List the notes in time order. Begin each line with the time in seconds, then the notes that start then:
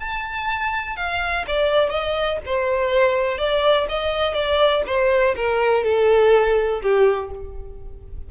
0.00 A5
0.97 F5
1.47 D5
1.90 D#5
2.46 C5
3.38 D5
3.89 D#5
4.34 D5
4.86 C5
5.36 A#4
5.84 A4
6.82 G4